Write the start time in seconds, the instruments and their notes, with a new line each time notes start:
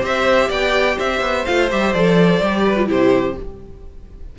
0.00 cello C4, viola G4, violin C5 E5
0.48 cello B3, violin D5 G5
0.96 cello C4, violin C5 E5
1.21 cello B3
1.45 cello A3, viola F4, violin F5
1.71 cello G3, viola G4, violin E5
1.93 cello F3, viola A4, violin D5
2.40 cello G3, viola G4
2.66 violin B4
2.76 viola F4
2.86 cello C3, viola E4, violin G4 C5